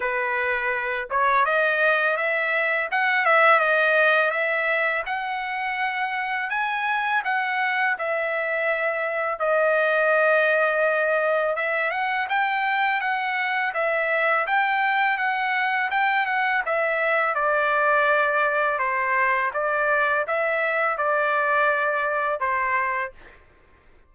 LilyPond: \new Staff \with { instrumentName = "trumpet" } { \time 4/4 \tempo 4 = 83 b'4. cis''8 dis''4 e''4 | fis''8 e''8 dis''4 e''4 fis''4~ | fis''4 gis''4 fis''4 e''4~ | e''4 dis''2. |
e''8 fis''8 g''4 fis''4 e''4 | g''4 fis''4 g''8 fis''8 e''4 | d''2 c''4 d''4 | e''4 d''2 c''4 | }